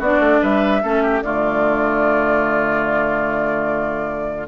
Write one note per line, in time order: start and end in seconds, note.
0.00 0.20 B3
0.00 0.83 D4
0.00 0.41 F#4
0.00 0.44 D5
0.20 0.40 A3
0.42 0.84 G3
0.42 0.83 B4
0.42 1.23 E5
0.83 1.23 A3
0.83 1.23 C#4
0.83 1.03 A4
1.03 1.24 G4
1.23 4.48 D3
1.23 4.48 A3
1.23 4.48 F4
1.23 4.48 D5